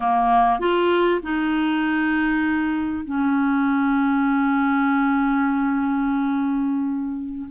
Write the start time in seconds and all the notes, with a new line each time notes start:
0.00 A#3
0.59 F4
1.22 D#4
3.04 C#4